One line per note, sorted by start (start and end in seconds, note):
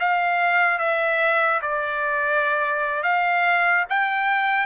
0.00 0.79 F5
0.79 1.61 E5
1.62 3.03 D5
3.03 3.86 F5
3.90 4.66 G5